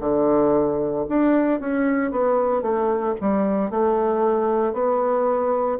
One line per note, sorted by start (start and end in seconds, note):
0.00 1.05 D3
1.09 1.60 D4
1.60 2.11 C#4
2.11 2.62 B3
2.62 3.14 A3
3.21 3.70 G3
3.70 4.73 A3
4.73 5.78 B3